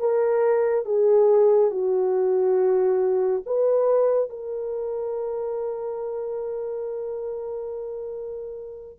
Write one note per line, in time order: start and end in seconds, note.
0.00 0.86 A#4
0.86 1.71 G#4
1.71 3.43 F#4
3.46 4.30 B4
4.30 9.00 A#4